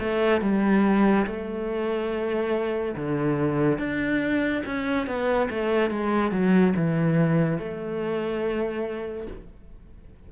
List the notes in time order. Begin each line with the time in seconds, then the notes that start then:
0.00 A3
0.41 G3
1.26 A3
2.96 D3
3.79 D4
4.66 C#4
5.07 B3
5.50 A3
5.91 G#3
6.31 F#3
6.76 E3
7.59 A3